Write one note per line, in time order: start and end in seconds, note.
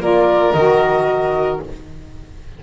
0.00 0.53 A#3
0.00 0.54 F4
0.00 1.61 A#4
0.00 0.53 D5
0.53 1.60 D#3
0.53 1.63 F#4
0.53 1.59 D#5